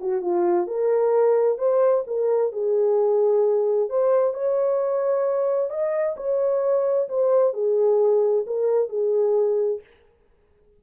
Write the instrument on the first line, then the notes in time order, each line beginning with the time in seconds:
horn
0.00 F#4
0.21 F4
0.67 A#4
1.58 C5
2.07 A#4
2.52 G#4
3.89 C5
4.33 C#5
5.70 D#5
6.16 C#5
7.08 C5
7.53 G#4
8.46 A#4
8.89 G#4